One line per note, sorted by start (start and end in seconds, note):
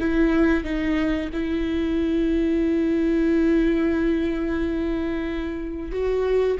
0.00 0.64 E4
0.64 1.30 D#4
1.33 5.92 E4
5.92 6.58 F#4